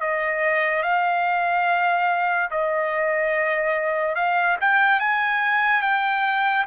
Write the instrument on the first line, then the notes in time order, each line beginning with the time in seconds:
trumpet
0.00 D#5
0.83 F5
2.50 D#5
4.15 F5
4.60 G5
4.99 G#5
5.81 G5